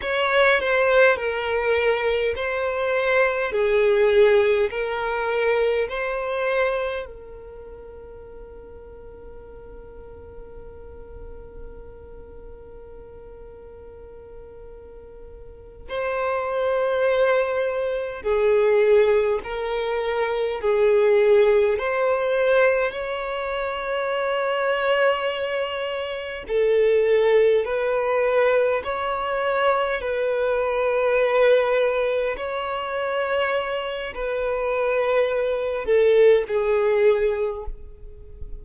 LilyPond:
\new Staff \with { instrumentName = "violin" } { \time 4/4 \tempo 4 = 51 cis''8 c''8 ais'4 c''4 gis'4 | ais'4 c''4 ais'2~ | ais'1~ | ais'4. c''2 gis'8~ |
gis'8 ais'4 gis'4 c''4 cis''8~ | cis''2~ cis''8 a'4 b'8~ | b'8 cis''4 b'2 cis''8~ | cis''4 b'4. a'8 gis'4 | }